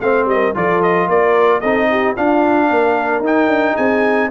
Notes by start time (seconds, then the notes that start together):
0.00 A3 C4 C5 F5
0.25 G3 D#5
0.32 A#4
0.54 F3 F4 A4 D5
0.82 D#5
1.08 A#3 A#4 D5
1.60 C4 D#4 A4 D#5
1.90 G4
2.15 D4 F4 F5
2.69 A#3 A#4
3.20 D#4
3.26 G5
3.48 D4
3.75 C4 G#4 G#5